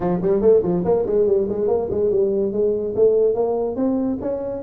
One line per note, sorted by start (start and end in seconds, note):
0.00 0.20 F3
0.21 0.41 G3
0.41 0.62 A3
0.63 0.84 F3
0.84 1.05 A#3
1.06 1.26 G#3
1.26 1.47 G3
1.49 1.67 G#3
1.67 1.88 A#3
1.90 2.10 G#3
2.10 2.52 G3
2.52 2.94 G#3
2.95 3.34 A3
3.34 3.76 A#3
3.76 4.18 C4
4.21 4.62 C#4